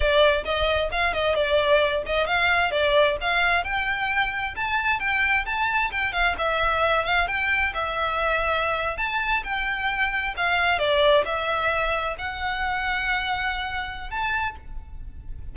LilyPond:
\new Staff \with { instrumentName = "violin" } { \time 4/4 \tempo 4 = 132 d''4 dis''4 f''8 dis''8 d''4~ | d''8 dis''8 f''4 d''4 f''4 | g''2 a''4 g''4 | a''4 g''8 f''8 e''4. f''8 |
g''4 e''2~ e''8. a''16~ | a''8. g''2 f''4 d''16~ | d''8. e''2 fis''4~ fis''16~ | fis''2. a''4 | }